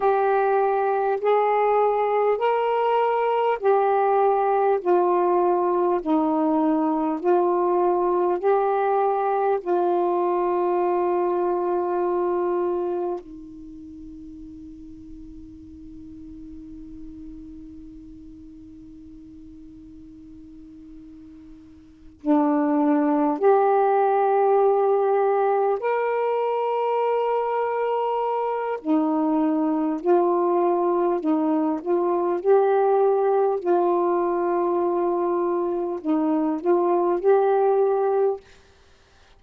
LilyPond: \new Staff \with { instrumentName = "saxophone" } { \time 4/4 \tempo 4 = 50 g'4 gis'4 ais'4 g'4 | f'4 dis'4 f'4 g'4 | f'2. dis'4~ | dis'1~ |
dis'2~ dis'8 d'4 g'8~ | g'4. ais'2~ ais'8 | dis'4 f'4 dis'8 f'8 g'4 | f'2 dis'8 f'8 g'4 | }